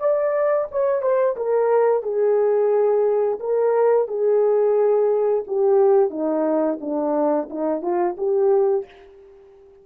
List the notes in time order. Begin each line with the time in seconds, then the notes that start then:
0.00 D5
0.72 C#5
1.02 C5
1.37 A#4
2.03 G#4
3.40 A#4
4.08 G#4
5.47 G4
6.11 D#4
6.81 D4
7.51 D#4
7.82 F4
8.18 G4